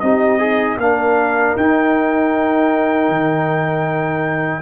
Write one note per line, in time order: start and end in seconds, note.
0.00 0.77 C4
0.00 0.38 D#4
0.00 0.40 G4
0.00 0.77 D#5
0.38 0.78 D#4
0.38 0.77 G#4
0.77 1.54 A#3
0.77 1.58 D4
0.77 4.61 A#4
0.77 1.57 F5
1.56 3.09 D#4
1.56 4.61 D#4
1.56 4.61 G5
3.09 4.61 D#3